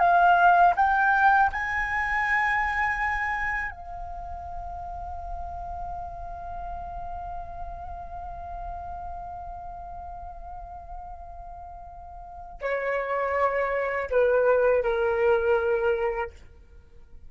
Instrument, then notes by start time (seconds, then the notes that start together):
flute
0.00 F5
0.76 G5
1.53 G#5
3.71 F5
12.62 C#5
14.11 B4
14.83 A#4